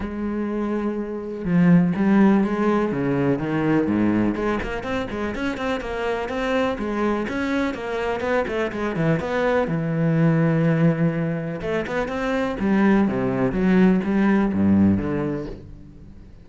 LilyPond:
\new Staff \with { instrumentName = "cello" } { \time 4/4 \tempo 4 = 124 gis2. f4 | g4 gis4 cis4 dis4 | gis,4 gis8 ais8 c'8 gis8 cis'8 c'8 | ais4 c'4 gis4 cis'4 |
ais4 b8 a8 gis8 e8 b4 | e1 | a8 b8 c'4 g4 c4 | fis4 g4 g,4 d4 | }